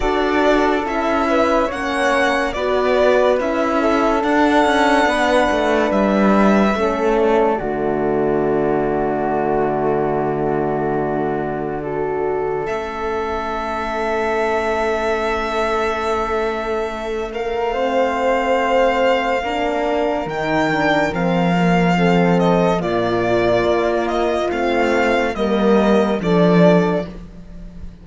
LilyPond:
<<
  \new Staff \with { instrumentName = "violin" } { \time 4/4 \tempo 4 = 71 d''4 e''4 fis''4 d''4 | e''4 fis''2 e''4~ | e''8 d''2.~ d''8~ | d''2. e''4~ |
e''1~ | e''8 f''2.~ f''8 | g''4 f''4. dis''8 d''4~ | d''8 dis''8 f''4 dis''4 d''4 | }
  \new Staff \with { instrumentName = "flute" } { \time 4/4 a'4. b'8 cis''4 b'4~ | b'8 a'4. b'2 | a'4 fis'2.~ | fis'2 a'2~ |
a'1~ | a'8 ais'8 c''2 ais'4~ | ais'2 a'4 f'4~ | f'2 ais'4 a'4 | }
  \new Staff \with { instrumentName = "horn" } { \time 4/4 fis'4 e'4 cis'4 fis'4 | e'4 d'2. | cis'4 a2.~ | a2 fis'4 cis'4~ |
cis'1~ | cis'4 c'2 d'4 | dis'8 d'8 c'8 ais8 c'4 ais4~ | ais4 c'4 ais4 d'4 | }
  \new Staff \with { instrumentName = "cello" } { \time 4/4 d'4 cis'4 ais4 b4 | cis'4 d'8 cis'8 b8 a8 g4 | a4 d2.~ | d2. a4~ |
a1~ | a2. ais4 | dis4 f2 ais,4 | ais4 a4 g4 f4 | }
>>